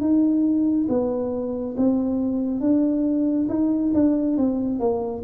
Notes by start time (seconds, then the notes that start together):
0.00 D#4
0.89 B3
1.77 C4
2.60 D4
3.49 D#4
3.94 D4
4.37 C4
4.79 A#3